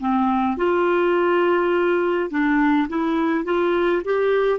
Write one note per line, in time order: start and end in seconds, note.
0.00 0.57 C4
0.57 2.30 F4
2.30 2.88 D4
2.89 3.45 E4
3.45 4.02 F4
4.05 4.59 G4